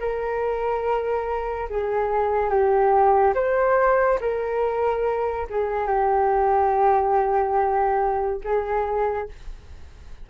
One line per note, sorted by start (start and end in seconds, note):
0.00 1.69 A#4
1.70 2.50 G#4
2.50 3.34 G4
3.35 4.19 C5
4.21 5.48 A#4
5.50 5.88 G#4
5.88 8.41 G4
8.44 9.29 G#4